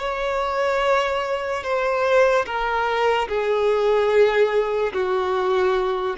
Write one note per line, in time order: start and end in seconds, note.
0.00 1.64 C#5
1.64 2.46 C5
2.46 3.28 A#4
3.29 4.93 G#4
4.94 6.17 F#4